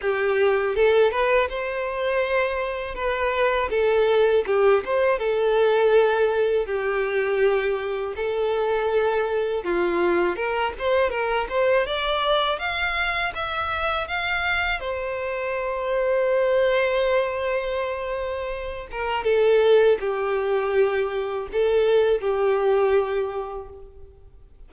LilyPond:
\new Staff \with { instrumentName = "violin" } { \time 4/4 \tempo 4 = 81 g'4 a'8 b'8 c''2 | b'4 a'4 g'8 c''8 a'4~ | a'4 g'2 a'4~ | a'4 f'4 ais'8 c''8 ais'8 c''8 |
d''4 f''4 e''4 f''4 | c''1~ | c''4. ais'8 a'4 g'4~ | g'4 a'4 g'2 | }